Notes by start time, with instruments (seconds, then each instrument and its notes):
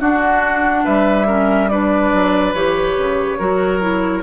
0.00 bassoon D4, clarinet D4, oboe F#4, flute F#5
0.85 bassoon G3, oboe B4, flute E5
1.27 clarinet C#4, oboe A#4
1.69 clarinet D4, oboe B4, flute D5
2.13 bassoon F#3
2.54 bassoon E3, clarinet G4, flute C#5
2.98 bassoon C#3
3.38 bassoon F#3, clarinet F#4, oboe A#4
3.80 clarinet E4